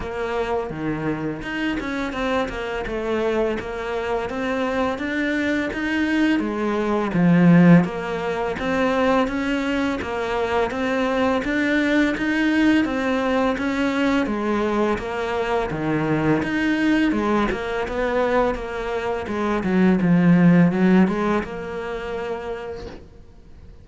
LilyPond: \new Staff \with { instrumentName = "cello" } { \time 4/4 \tempo 4 = 84 ais4 dis4 dis'8 cis'8 c'8 ais8 | a4 ais4 c'4 d'4 | dis'4 gis4 f4 ais4 | c'4 cis'4 ais4 c'4 |
d'4 dis'4 c'4 cis'4 | gis4 ais4 dis4 dis'4 | gis8 ais8 b4 ais4 gis8 fis8 | f4 fis8 gis8 ais2 | }